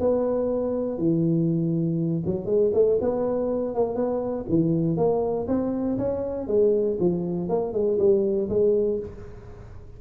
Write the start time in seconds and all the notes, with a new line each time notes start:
0.00 B3
0.98 E3
2.26 F#3
2.46 G#3
2.73 A3
3.01 B3
3.75 A#3
3.95 B3
4.49 E3
4.97 A#3
5.47 C4
5.98 C#4
6.47 G#3
7.00 F3
7.49 A#3
7.73 G#3
7.99 G3
8.49 G#3